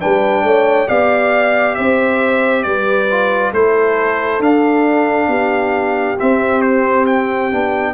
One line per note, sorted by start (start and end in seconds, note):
0.00 0.43 G3
0.00 0.87 D4
0.00 0.45 B4
0.00 0.89 G5
0.43 0.87 A3
0.43 0.89 C#5
0.87 1.78 B3
0.87 3.08 G4
0.87 1.77 D5
0.87 1.75 F5
1.75 2.66 C4
1.75 2.66 C5
1.75 2.63 E5
2.63 3.52 G3
2.63 3.54 B4
2.63 3.51 D5
3.11 3.54 F4
3.52 4.40 A3
3.52 4.41 E4
3.52 5.28 A4
3.52 4.42 C5
4.40 5.28 D4
4.40 6.18 D4
4.40 6.19 F5
5.28 6.16 B3
5.28 7.93 G4
6.19 7.51 C4
6.19 7.53 C4
6.19 6.62 E5
6.62 7.06 C5
7.06 7.94 G5
7.51 7.94 B3
7.51 7.94 D4